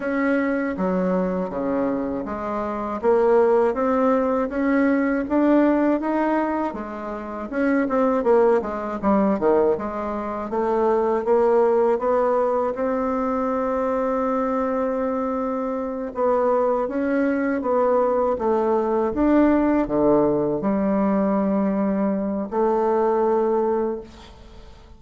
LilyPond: \new Staff \with { instrumentName = "bassoon" } { \time 4/4 \tempo 4 = 80 cis'4 fis4 cis4 gis4 | ais4 c'4 cis'4 d'4 | dis'4 gis4 cis'8 c'8 ais8 gis8 | g8 dis8 gis4 a4 ais4 |
b4 c'2.~ | c'4. b4 cis'4 b8~ | b8 a4 d'4 d4 g8~ | g2 a2 | }